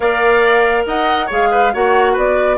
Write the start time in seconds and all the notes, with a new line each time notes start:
0.00 A#3 A#4 D5 F5
0.86 D#4 D#5 F#5
1.26 G#3 G#4 C#5 F5
1.51 B4
1.72 A#3 F#4 C#5 F#5
2.12 B3 B4 D5